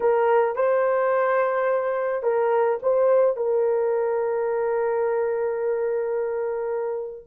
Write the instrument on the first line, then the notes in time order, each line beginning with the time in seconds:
horn
0.00 A#4
0.55 C5
2.22 A#4
2.82 C5
3.36 A#4